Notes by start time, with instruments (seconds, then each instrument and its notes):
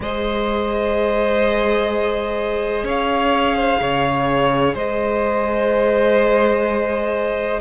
0.00 cello G#3, viola G#4, violin C5 D#5
2.83 cello C#4, violin C#5 F5
3.56 violin C5
3.80 cello C#3, violin C#5
4.74 cello G#3, violin C5 D#5